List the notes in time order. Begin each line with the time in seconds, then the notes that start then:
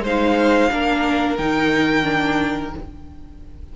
0.00 G#3 D#4 C5 F5
0.70 A#3 D4 A#4
1.37 D#3 D#4 G5
2.03 D4